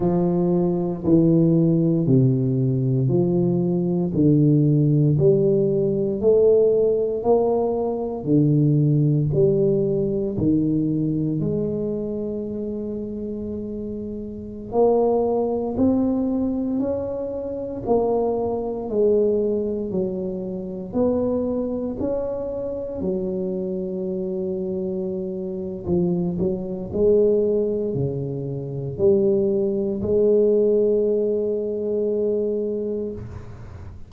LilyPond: \new Staff \with { instrumentName = "tuba" } { \time 4/4 \tempo 4 = 58 f4 e4 c4 f4 | d4 g4 a4 ais4 | d4 g4 dis4 gis4~ | gis2~ gis16 ais4 c'8.~ |
c'16 cis'4 ais4 gis4 fis8.~ | fis16 b4 cis'4 fis4.~ fis16~ | fis4 f8 fis8 gis4 cis4 | g4 gis2. | }